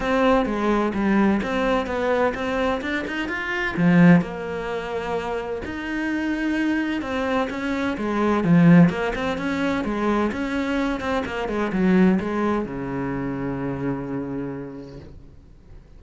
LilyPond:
\new Staff \with { instrumentName = "cello" } { \time 4/4 \tempo 4 = 128 c'4 gis4 g4 c'4 | b4 c'4 d'8 dis'8 f'4 | f4 ais2. | dis'2. c'4 |
cis'4 gis4 f4 ais8 c'8 | cis'4 gis4 cis'4. c'8 | ais8 gis8 fis4 gis4 cis4~ | cis1 | }